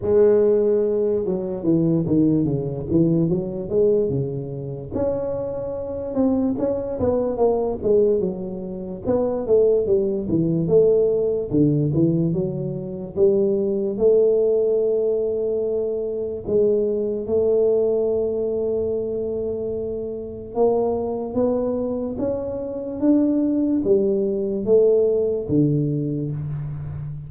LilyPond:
\new Staff \with { instrumentName = "tuba" } { \time 4/4 \tempo 4 = 73 gis4. fis8 e8 dis8 cis8 e8 | fis8 gis8 cis4 cis'4. c'8 | cis'8 b8 ais8 gis8 fis4 b8 a8 | g8 e8 a4 d8 e8 fis4 |
g4 a2. | gis4 a2.~ | a4 ais4 b4 cis'4 | d'4 g4 a4 d4 | }